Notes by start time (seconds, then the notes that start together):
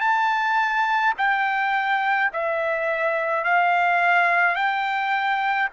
0.00 A5
1.17 G5
2.33 E5
3.44 F5
4.55 G5